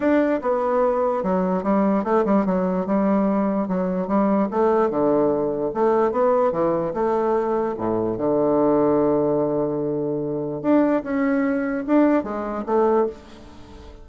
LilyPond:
\new Staff \with { instrumentName = "bassoon" } { \time 4/4 \tempo 4 = 147 d'4 b2 fis4 | g4 a8 g8 fis4 g4~ | g4 fis4 g4 a4 | d2 a4 b4 |
e4 a2 a,4 | d1~ | d2 d'4 cis'4~ | cis'4 d'4 gis4 a4 | }